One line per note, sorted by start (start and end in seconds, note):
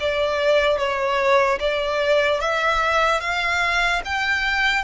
0.00 0.78 D5
0.78 1.59 C#5
1.60 2.41 D5
2.41 3.21 E5
3.21 4.02 F5
4.05 4.84 G5